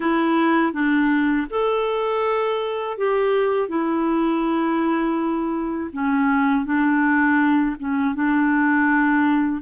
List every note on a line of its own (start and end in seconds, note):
0.00 0.72 E4
0.72 1.46 D4
1.49 2.97 A4
2.97 3.68 G4
3.68 5.90 E4
5.93 6.65 C#4
6.65 7.76 D4
7.79 8.14 C#4
8.14 9.61 D4